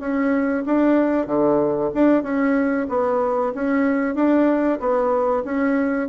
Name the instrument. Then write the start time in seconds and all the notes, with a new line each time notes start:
bassoon
0.00 C#4
0.66 D4
1.26 D3
1.94 D4
2.23 C#4
2.89 B3
3.55 C#4
4.15 D4
4.80 B3
5.45 C#4